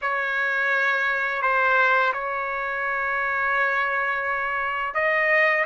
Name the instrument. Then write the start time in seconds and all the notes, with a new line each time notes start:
trumpet
0.01 C#5
1.42 C5
2.13 C#5
4.94 D#5